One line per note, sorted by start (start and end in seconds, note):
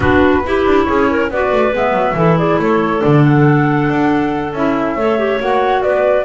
0.00 0.41 B3
0.00 0.42 D4
0.00 0.42 F#4
0.00 0.83 B4
0.45 1.31 E4
0.45 0.66 E4
0.45 0.86 G4
0.66 0.87 D4
0.83 1.30 C#4
0.83 1.08 G#4
0.83 1.26 C#5
1.09 1.31 A#4
1.30 1.52 B3
1.30 1.71 F#4
1.30 2.16 B4
1.30 1.75 D5
1.52 1.73 A3
1.71 1.92 G#3
1.71 2.15 B3
1.71 2.38 E5
1.92 2.13 F#3
2.14 2.57 E3
2.14 3.00 E4
2.14 2.38 A4
2.38 2.59 G#4
2.38 2.59 D5
2.58 3.01 A3
2.58 4.96 A4
2.58 3.01 C#5
3.00 3.89 D3
3.00 4.51 D4
3.00 3.23 D5
3.23 4.53 F#5
3.89 4.52 D4
4.52 4.95 C#4
4.52 4.99 E4
4.52 5.40 E5
4.95 5.39 A3
4.95 5.18 A4
4.95 5.82 C#5
5.18 5.40 G4
5.40 5.83 A#3
5.40 6.24 F#4
5.40 5.82 F#5
5.82 6.24 B3
5.82 6.24 B4
5.82 6.24 D5